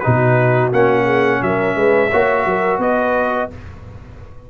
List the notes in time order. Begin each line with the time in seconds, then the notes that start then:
0.00 D#4 F#4 B4
0.06 B2
0.73 A#3 C#4 F#5
1.04 G#4
1.42 F#3 A#4 E5
1.76 G#3 B4
2.10 A#3 F#4 C#5
2.46 F#3 A#4
2.78 B3 B4 D#5